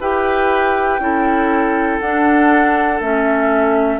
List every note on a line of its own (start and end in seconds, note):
0.00 0.99 E4
0.00 1.00 G4
0.00 1.00 B4
0.00 1.99 G5
0.99 1.99 C#4
0.99 2.00 E4
0.99 4.00 A4
1.99 3.00 D4
1.99 3.02 D4
1.99 2.99 F#5
3.00 4.00 A3
3.00 4.00 C#4
3.00 4.00 E5